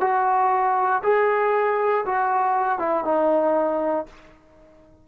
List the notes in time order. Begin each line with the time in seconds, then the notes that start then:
0.00 F#4
1.03 G#4
2.05 F#4
2.79 E4
3.04 D#4